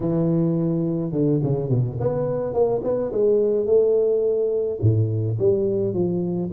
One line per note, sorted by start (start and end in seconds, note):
0.00 1.11 E3
1.11 1.40 D3
1.43 1.69 C#3
1.69 1.97 B2
2.00 2.53 B3
2.53 2.81 A#3
2.83 3.11 B3
3.12 3.66 G#3
3.66 4.79 A3
4.81 5.37 A2
5.39 5.93 G3
5.93 6.50 F3